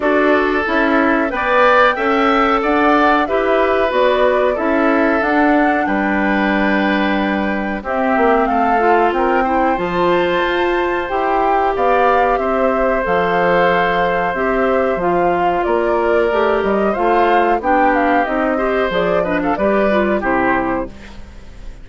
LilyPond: <<
  \new Staff \with { instrumentName = "flute" } { \time 4/4 \tempo 4 = 92 d''4 e''4 g''2 | fis''4 e''4 d''4 e''4 | fis''4 g''2. | e''4 f''4 g''4 a''4~ |
a''4 g''4 f''4 e''4 | f''2 e''4 f''4 | d''4. dis''8 f''4 g''8 f''8 | dis''4 d''8 dis''16 f''16 d''4 c''4 | }
  \new Staff \with { instrumentName = "oboe" } { \time 4/4 a'2 d''4 e''4 | d''4 b'2 a'4~ | a'4 b'2. | g'4 a'4 ais'8 c''4.~ |
c''2 d''4 c''4~ | c''1 | ais'2 c''4 g'4~ | g'8 c''4 b'16 a'16 b'4 g'4 | }
  \new Staff \with { instrumentName = "clarinet" } { \time 4/4 fis'4 e'4 b'4 a'4~ | a'4 g'4 fis'4 e'4 | d'1 | c'4. f'4 e'8 f'4~ |
f'4 g'2. | a'2 g'4 f'4~ | f'4 g'4 f'4 d'4 | dis'8 g'8 gis'8 d'8 g'8 f'8 e'4 | }
  \new Staff \with { instrumentName = "bassoon" } { \time 4/4 d'4 cis'4 b4 cis'4 | d'4 e'4 b4 cis'4 | d'4 g2. | c'8 ais8 a4 c'4 f4 |
f'4 e'4 b4 c'4 | f2 c'4 f4 | ais4 a8 g8 a4 b4 | c'4 f4 g4 c4 | }
>>